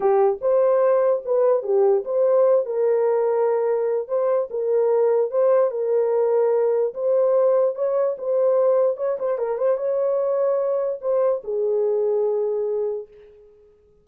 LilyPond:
\new Staff \with { instrumentName = "horn" } { \time 4/4 \tempo 4 = 147 g'4 c''2 b'4 | g'4 c''4. ais'4.~ | ais'2 c''4 ais'4~ | ais'4 c''4 ais'2~ |
ais'4 c''2 cis''4 | c''2 cis''8 c''8 ais'8 c''8 | cis''2. c''4 | gis'1 | }